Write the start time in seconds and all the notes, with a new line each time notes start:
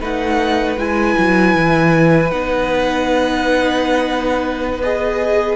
0.00 A3 D#4 B4 F#5
0.77 G#3 E4 G#5
1.18 F#3
1.55 E3
2.31 B3 D#4 F#5
4.82 G#4 D#5